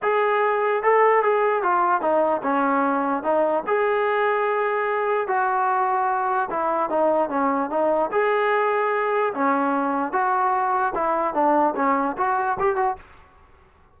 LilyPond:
\new Staff \with { instrumentName = "trombone" } { \time 4/4 \tempo 4 = 148 gis'2 a'4 gis'4 | f'4 dis'4 cis'2 | dis'4 gis'2.~ | gis'4 fis'2. |
e'4 dis'4 cis'4 dis'4 | gis'2. cis'4~ | cis'4 fis'2 e'4 | d'4 cis'4 fis'4 g'8 fis'8 | }